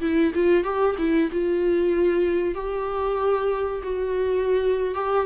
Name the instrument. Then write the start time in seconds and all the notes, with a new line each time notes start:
viola
0.00 E4
0.34 F4
0.64 G4
0.98 E4
1.31 F4
2.54 G4
3.82 F#4
4.94 G4